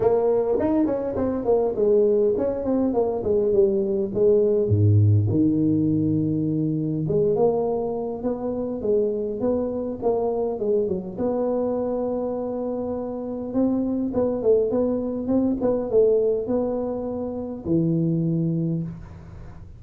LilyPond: \new Staff \with { instrumentName = "tuba" } { \time 4/4 \tempo 4 = 102 ais4 dis'8 cis'8 c'8 ais8 gis4 | cis'8 c'8 ais8 gis8 g4 gis4 | gis,4 dis2. | gis8 ais4. b4 gis4 |
b4 ais4 gis8 fis8 b4~ | b2. c'4 | b8 a8 b4 c'8 b8 a4 | b2 e2 | }